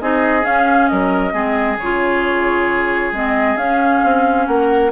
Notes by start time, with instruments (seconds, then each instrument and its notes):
0.00 bassoon C4, clarinet D#4, oboe G#4, flute D#5
0.41 clarinet C#4, bassoon C#4, flute F5
0.87 bassoon F#3, oboe A#4, flute D#5
1.32 bassoon G#3, clarinet C4, oboe G#4
1.77 bassoon C#3, clarinet F4, flute C#5
3.11 bassoon G#3, clarinet C4, flute D#5
3.56 bassoon C#4, clarinet C#4, flute F5
4.03 bassoon C4
4.46 bassoon A#3, oboe A#4, flute F#5